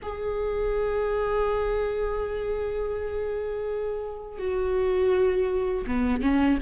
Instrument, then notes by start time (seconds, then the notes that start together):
viola
0.02 G#4
4.38 F#4
5.86 B3
6.21 C#4